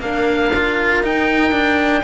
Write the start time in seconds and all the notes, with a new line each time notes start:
0.00 A#3 D4 A#4 F5
0.56 F4
1.03 D#4 G5
1.52 D4